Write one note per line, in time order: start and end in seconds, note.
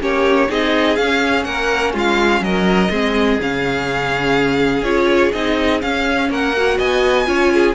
0.00 0.50 A#3
0.00 0.48 C#4
0.00 0.50 G4
0.00 0.51 C#5
0.49 0.99 C4
0.49 0.97 D#4
0.49 1.47 G#4
0.49 0.97 D#5
0.97 2.90 C#4
0.97 1.46 C#4
0.97 1.45 F5
1.45 1.94 A#3
1.45 1.94 A#4
1.45 1.93 F#5
1.94 2.41 G#3
1.94 2.42 F4
1.94 2.44 F5
2.41 2.89 F#3
2.41 2.91 A#4
2.41 3.40 D#5
2.90 3.39 G#3
2.90 3.41 C4
2.90 6.30 G#4
3.41 4.82 C#3
3.41 4.85 C#4
3.41 4.84 F5
4.82 5.31 C#4
4.82 5.33 F4
4.82 5.33 C#5
5.33 5.83 C4
5.33 5.82 D#4
5.33 5.81 D#5
5.82 6.54 C#4
5.82 6.30 C#4
5.82 6.30 F5
6.30 6.79 A#3
6.30 6.79 A#4
6.30 6.79 F#5
6.57 7.26 F#4
6.79 7.27 B3
6.79 7.27 D#5
6.79 7.75 G#5
7.26 7.75 C#4
7.26 7.74 F4
7.26 7.53 C#5
7.54 7.75 G#4